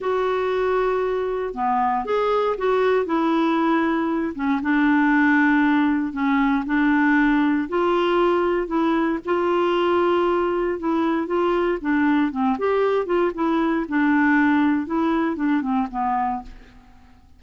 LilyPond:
\new Staff \with { instrumentName = "clarinet" } { \time 4/4 \tempo 4 = 117 fis'2. b4 | gis'4 fis'4 e'2~ | e'8 cis'8 d'2. | cis'4 d'2 f'4~ |
f'4 e'4 f'2~ | f'4 e'4 f'4 d'4 | c'8 g'4 f'8 e'4 d'4~ | d'4 e'4 d'8 c'8 b4 | }